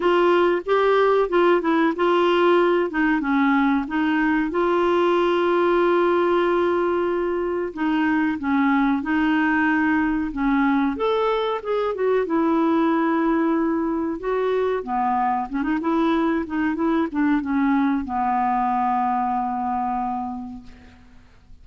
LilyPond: \new Staff \with { instrumentName = "clarinet" } { \time 4/4 \tempo 4 = 93 f'4 g'4 f'8 e'8 f'4~ | f'8 dis'8 cis'4 dis'4 f'4~ | f'1 | dis'4 cis'4 dis'2 |
cis'4 a'4 gis'8 fis'8 e'4~ | e'2 fis'4 b4 | cis'16 dis'16 e'4 dis'8 e'8 d'8 cis'4 | b1 | }